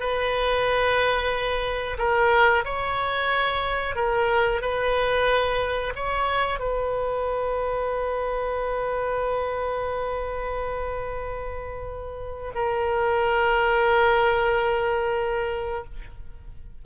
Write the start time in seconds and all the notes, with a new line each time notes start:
0.00 B4
1.99 A#4
2.65 C#5
3.96 A#4
4.62 B4
5.96 C#5
6.60 B4
12.55 A#4